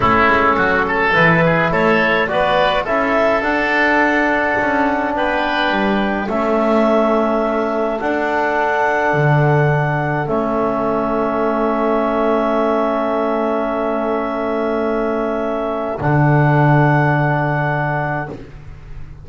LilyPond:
<<
  \new Staff \with { instrumentName = "clarinet" } { \time 4/4 \tempo 4 = 105 a'2 b'4 cis''4 | d''4 e''4 fis''2~ | fis''4 g''2 e''4~ | e''2 fis''2~ |
fis''2 e''2~ | e''1~ | e''1 | fis''1 | }
  \new Staff \with { instrumentName = "oboe" } { \time 4/4 e'4 fis'8 a'4 gis'8 a'4 | b'4 a'2.~ | a'4 b'2 a'4~ | a'1~ |
a'1~ | a'1~ | a'1~ | a'1 | }
  \new Staff \with { instrumentName = "trombone" } { \time 4/4 cis'2 e'2 | fis'4 e'4 d'2~ | d'2. cis'4~ | cis'2 d'2~ |
d'2 cis'2~ | cis'1~ | cis'1 | d'1 | }
  \new Staff \with { instrumentName = "double bass" } { \time 4/4 a8 gis8 fis4 e4 a4 | b4 cis'4 d'2 | cis'4 b4 g4 a4~ | a2 d'2 |
d2 a2~ | a1~ | a1 | d1 | }
>>